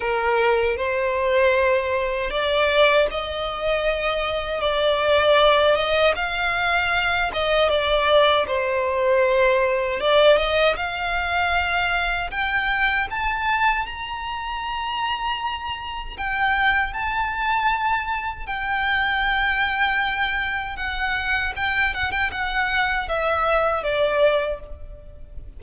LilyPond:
\new Staff \with { instrumentName = "violin" } { \time 4/4 \tempo 4 = 78 ais'4 c''2 d''4 | dis''2 d''4. dis''8 | f''4. dis''8 d''4 c''4~ | c''4 d''8 dis''8 f''2 |
g''4 a''4 ais''2~ | ais''4 g''4 a''2 | g''2. fis''4 | g''8 fis''16 g''16 fis''4 e''4 d''4 | }